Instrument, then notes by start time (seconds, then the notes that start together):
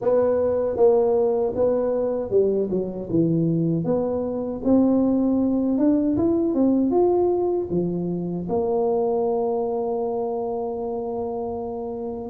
tuba
0.01 B3
0.76 A#3
1.55 B3
2.30 G3
2.70 F#3
3.10 E3
3.84 B3
4.64 C4
5.77 D4
6.16 E4
6.53 C4
6.91 F4
7.70 F3
8.48 A#3